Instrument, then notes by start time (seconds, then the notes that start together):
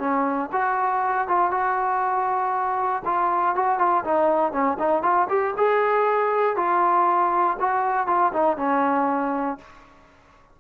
trombone
0.00 C#4
0.53 F#4
1.28 F4
1.52 F#4
3.05 F4
3.56 F#4
3.79 F4
4.05 D#4
4.53 C#4
4.79 D#4
5.03 F4
5.29 G4
5.58 G#4
6.57 F4
7.60 F#4
8.08 F4
8.34 D#4
8.58 C#4